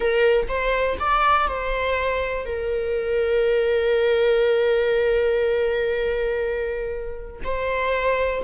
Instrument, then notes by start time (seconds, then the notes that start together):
viola
0.00 A#4
0.48 C5
0.99 D5
1.48 C5
2.45 A#4
7.44 C5